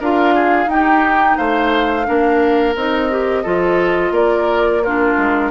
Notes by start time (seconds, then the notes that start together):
0.00 D4 F4 A#4 F5
0.34 G#4
0.67 D#4 G5
0.73 G4
1.37 A3 C5 F5
2.05 A#3 D4 A#4
2.76 C4 D#4 D#5
3.10 G4
3.43 F3 F4 A4
4.11 A#3 A#4 D5
4.83 D4 F4 A#4
5.18 G#3